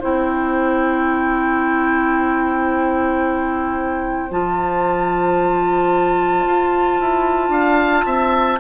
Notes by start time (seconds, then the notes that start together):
0.00 C4 E4 C5 G5
4.31 F3 F4 A5
6.46 F4
7.00 E4
7.49 D4 F5
8.05 C4 E5